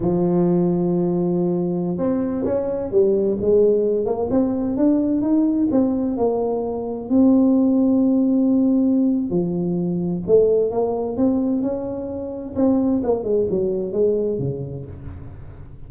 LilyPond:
\new Staff \with { instrumentName = "tuba" } { \time 4/4 \tempo 4 = 129 f1~ | f16 c'4 cis'4 g4 gis8.~ | gis8. ais8 c'4 d'4 dis'8.~ | dis'16 c'4 ais2 c'8.~ |
c'1 | f2 a4 ais4 | c'4 cis'2 c'4 | ais8 gis8 fis4 gis4 cis4 | }